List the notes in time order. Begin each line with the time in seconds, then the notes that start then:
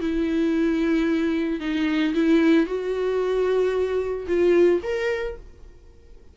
0.00 E4
1.60 D#4
2.14 E4
2.66 F#4
4.27 F4
4.83 A#4